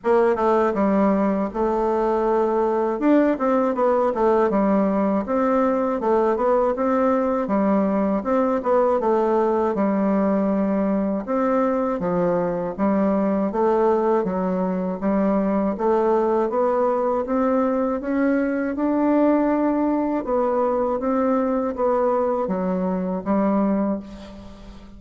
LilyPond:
\new Staff \with { instrumentName = "bassoon" } { \time 4/4 \tempo 4 = 80 ais8 a8 g4 a2 | d'8 c'8 b8 a8 g4 c'4 | a8 b8 c'4 g4 c'8 b8 | a4 g2 c'4 |
f4 g4 a4 fis4 | g4 a4 b4 c'4 | cis'4 d'2 b4 | c'4 b4 fis4 g4 | }